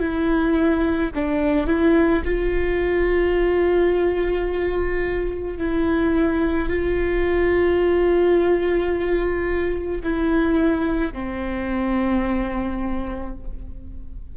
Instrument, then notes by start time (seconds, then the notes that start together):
viola
0.00 E4
1.15 D4
1.67 E4
2.25 F4
5.58 E4
6.69 F4
10.04 E4
11.13 C4